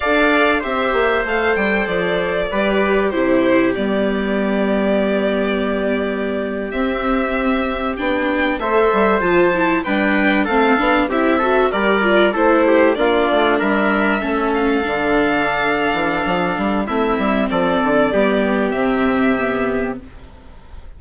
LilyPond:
<<
  \new Staff \with { instrumentName = "violin" } { \time 4/4 \tempo 4 = 96 f''4 e''4 f''8 g''8 d''4~ | d''4 c''4 d''2~ | d''2~ d''8. e''4~ e''16~ | e''8. g''4 e''4 a''4 g''16~ |
g''8. f''4 e''4 d''4 c''16~ | c''8. d''4 e''4. f''8.~ | f''2. e''4 | d''2 e''2 | }
  \new Staff \with { instrumentName = "trumpet" } { \time 4/4 d''4 c''2. | b'4 g'2.~ | g'1~ | g'4.~ g'16 c''2 b'16~ |
b'8. a'4 g'8 a'8 ais'4 a'16~ | a'16 g'8 f'4 ais'4 a'4~ a'16~ | a'2. e'4 | a'4 g'2. | }
  \new Staff \with { instrumentName = "viola" } { \time 4/4 a'4 g'4 a'2 | g'4 e'4 b2~ | b2~ b8. c'4~ c'16~ | c'8. d'4 a'4 f'8 e'8 d'16~ |
d'8. c'8 d'8 e'8 fis'8 g'8 f'8 e'16~ | e'8. d'2 cis'4 d'16~ | d'2. c'4~ | c'4 b4 c'4 b4 | }
  \new Staff \with { instrumentName = "bassoon" } { \time 4/4 d'4 c'8 ais8 a8 g8 f4 | g4 c4 g2~ | g2~ g8. c'4~ c'16~ | c'8. b4 a8 g8 f4 g16~ |
g8. a8 b8 c'4 g4 a16~ | a8. ais8 a8 g4 a4 d16~ | d4. e8 f8 g8 a8 g8 | f8 d8 g4 c2 | }
>>